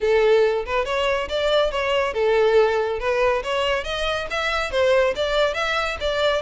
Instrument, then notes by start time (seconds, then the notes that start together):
violin
0.01 A4
0.65 B4
0.85 C#5
1.28 D5
1.71 C#5
2.13 A4
2.99 B4
3.43 C#5
3.84 D#5
4.30 E5
4.71 C5
5.15 D5
5.54 E5
6.00 D5